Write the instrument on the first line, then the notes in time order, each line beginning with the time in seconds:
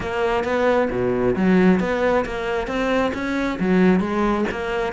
cello
0.00 A#3
0.44 B3
0.90 B2
1.36 F#3
1.80 B3
2.25 A#3
2.67 C4
3.13 C#4
3.59 F#3
4.00 G#3
4.51 A#3